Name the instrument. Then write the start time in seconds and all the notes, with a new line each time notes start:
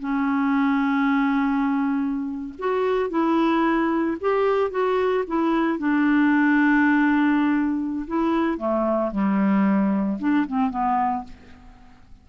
clarinet
0.00 C#4
2.59 F#4
3.10 E4
4.21 G4
4.71 F#4
5.27 E4
5.79 D4
8.07 E4
8.58 A3
9.11 G3
10.19 D4
10.47 C4
10.70 B3